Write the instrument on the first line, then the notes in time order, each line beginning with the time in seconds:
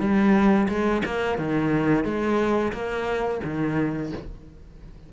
cello
0.00 G3
0.69 G#3
1.06 A#3
1.38 D#3
2.05 G#3
2.73 A#3
3.45 D#3